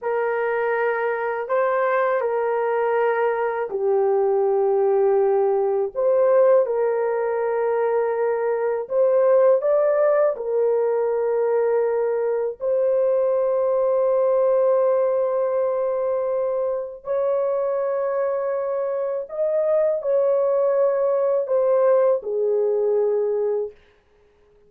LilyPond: \new Staff \with { instrumentName = "horn" } { \time 4/4 \tempo 4 = 81 ais'2 c''4 ais'4~ | ais'4 g'2. | c''4 ais'2. | c''4 d''4 ais'2~ |
ais'4 c''2.~ | c''2. cis''4~ | cis''2 dis''4 cis''4~ | cis''4 c''4 gis'2 | }